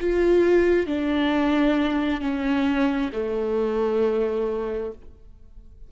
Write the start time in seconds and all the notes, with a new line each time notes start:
0.00 F4
0.87 D4
2.21 C#4
3.13 A3